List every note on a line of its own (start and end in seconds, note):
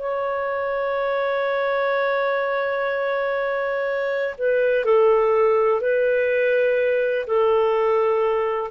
0.00 4.35 C#5
4.39 4.85 B4
4.85 5.82 A4
5.82 7.27 B4
7.28 8.71 A4